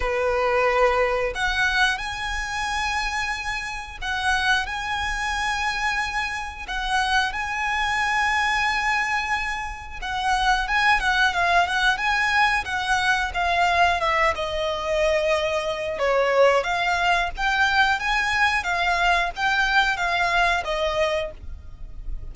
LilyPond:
\new Staff \with { instrumentName = "violin" } { \time 4/4 \tempo 4 = 90 b'2 fis''4 gis''4~ | gis''2 fis''4 gis''4~ | gis''2 fis''4 gis''4~ | gis''2. fis''4 |
gis''8 fis''8 f''8 fis''8 gis''4 fis''4 | f''4 e''8 dis''2~ dis''8 | cis''4 f''4 g''4 gis''4 | f''4 g''4 f''4 dis''4 | }